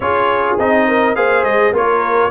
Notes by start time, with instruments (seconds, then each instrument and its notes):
0.00 tuba C#4, trombone F4, horn G#4, trumpet C#5
0.58 tuba C4, trombone D#4, trumpet D#5
0.87 horn A#4
1.15 tuba A#3, trombone G#4, horn C5, trumpet F5
1.43 tuba G#3, trumpet D#5
1.72 tuba A#3, trombone F4, horn A#4, trumpet C#5